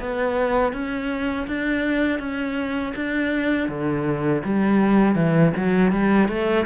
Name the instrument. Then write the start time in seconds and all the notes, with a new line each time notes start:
cello
0.00 B3
0.73 C#4
1.47 D4
2.20 C#4
2.96 D4
3.69 D3
4.44 G3
5.15 E3
5.57 F#3
5.92 G3
6.29 A3